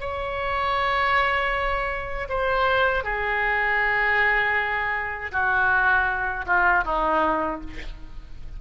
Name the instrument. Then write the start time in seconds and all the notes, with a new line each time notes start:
oboe
0.00 C#5
2.29 C5
3.03 G#4
5.31 F#4
6.46 F4
6.84 D#4